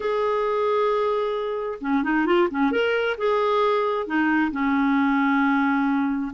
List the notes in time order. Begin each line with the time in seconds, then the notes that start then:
0.00 G#4
1.80 C#4
2.03 D#4
2.26 F4
2.50 C#4
2.71 A#4
3.17 G#4
4.06 D#4
4.51 C#4